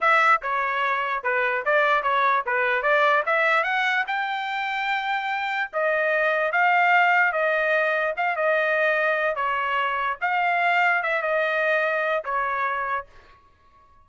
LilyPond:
\new Staff \with { instrumentName = "trumpet" } { \time 4/4 \tempo 4 = 147 e''4 cis''2 b'4 | d''4 cis''4 b'4 d''4 | e''4 fis''4 g''2~ | g''2 dis''2 |
f''2 dis''2 | f''8 dis''2~ dis''8 cis''4~ | cis''4 f''2 e''8 dis''8~ | dis''2 cis''2 | }